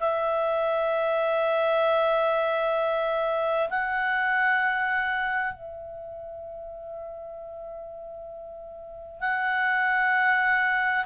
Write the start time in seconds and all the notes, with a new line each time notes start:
0.00 E5
3.70 F#5
5.54 E5
9.21 F#5